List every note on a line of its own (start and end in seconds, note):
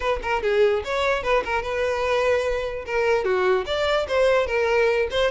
0.00 0.19 B4
0.22 0.42 A#4
0.42 0.83 G#4
0.84 1.23 C#5
1.23 1.43 B4
1.45 1.62 A#4
1.62 2.85 B4
2.85 3.24 A#4
3.24 3.65 F#4
3.66 4.06 D5
4.08 4.47 C5
4.47 5.08 A#4
5.10 5.31 C5